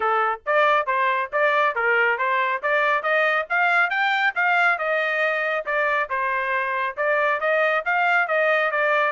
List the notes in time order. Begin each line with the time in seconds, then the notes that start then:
0.00 A4
0.45 D5
0.86 C5
1.32 D5
1.75 A#4
2.18 C5
2.62 D5
3.02 D#5
3.49 F5
3.90 G5
4.35 F5
4.78 D#5
5.65 D5
6.09 C5
6.97 D5
7.40 D#5
7.85 F5
8.27 D#5
8.71 D5